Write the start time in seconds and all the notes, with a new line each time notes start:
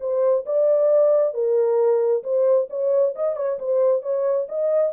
0.00 C5
0.46 D5
1.34 A#4
2.24 C5
2.70 C#5
3.15 D#5
3.36 C#5
3.59 C5
4.02 C#5
4.49 D#5